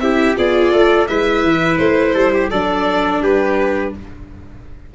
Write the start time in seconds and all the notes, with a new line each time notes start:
0.00 C4 E4 G4 E5
0.36 B3 F4 G#4 D5
0.72 A3 A4
1.08 G#3 E4 B4 E5
1.43 E3
1.78 A3 C5
2.14 G3 A4
2.33 G4
2.51 F#3 D4 A4 D5
3.21 G3 G4 B4